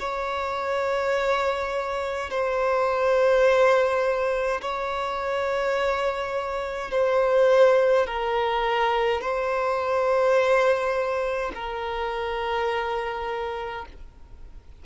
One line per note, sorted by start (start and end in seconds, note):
0.00 2.30 C#5
2.30 4.61 C5
4.62 6.92 C#5
6.92 8.07 C5
8.07 9.22 A#4
9.22 11.52 C5
11.55 13.86 A#4